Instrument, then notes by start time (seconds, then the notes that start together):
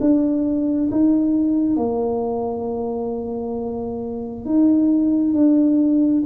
tuba
0.00 D4
0.91 D#4
1.76 A#3
4.45 D#4
5.33 D4